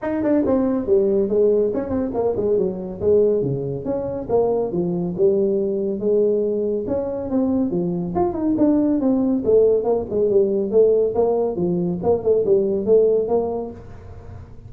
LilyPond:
\new Staff \with { instrumentName = "tuba" } { \time 4/4 \tempo 4 = 140 dis'8 d'8 c'4 g4 gis4 | cis'8 c'8 ais8 gis8 fis4 gis4 | cis4 cis'4 ais4 f4 | g2 gis2 |
cis'4 c'4 f4 f'8 dis'8 | d'4 c'4 a4 ais8 gis8 | g4 a4 ais4 f4 | ais8 a8 g4 a4 ais4 | }